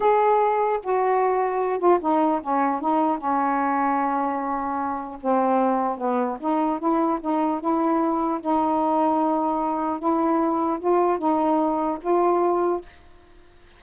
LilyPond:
\new Staff \with { instrumentName = "saxophone" } { \time 4/4 \tempo 4 = 150 gis'2 fis'2~ | fis'8 f'8 dis'4 cis'4 dis'4 | cis'1~ | cis'4 c'2 b4 |
dis'4 e'4 dis'4 e'4~ | e'4 dis'2.~ | dis'4 e'2 f'4 | dis'2 f'2 | }